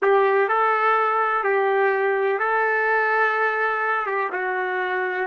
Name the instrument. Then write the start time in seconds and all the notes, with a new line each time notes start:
trumpet
0.02 G4
0.48 A4
1.43 G4
2.39 A4
4.06 G4
4.32 F#4